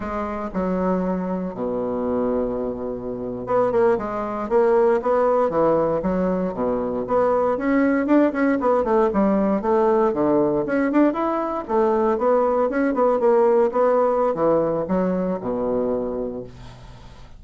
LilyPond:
\new Staff \with { instrumentName = "bassoon" } { \time 4/4 \tempo 4 = 117 gis4 fis2 b,4~ | b,2~ b,8. b8 ais8 gis16~ | gis8. ais4 b4 e4 fis16~ | fis8. b,4 b4 cis'4 d'16~ |
d'16 cis'8 b8 a8 g4 a4 d16~ | d8. cis'8 d'8 e'4 a4 b16~ | b8. cis'8 b8 ais4 b4~ b16 | e4 fis4 b,2 | }